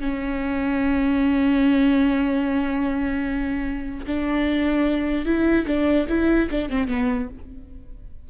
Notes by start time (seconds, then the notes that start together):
0.00 C#4
4.07 D4
5.25 E4
5.66 D4
6.09 E4
6.50 D4
6.69 C4
6.88 B3